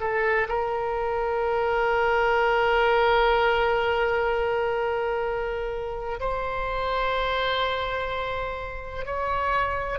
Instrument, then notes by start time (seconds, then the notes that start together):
oboe
0.00 A4
0.48 A#4
6.20 C5
9.06 C#5